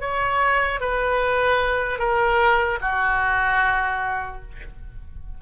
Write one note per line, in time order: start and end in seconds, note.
0.00 0.80 C#5
0.80 1.99 B4
1.99 2.79 A#4
2.81 4.41 F#4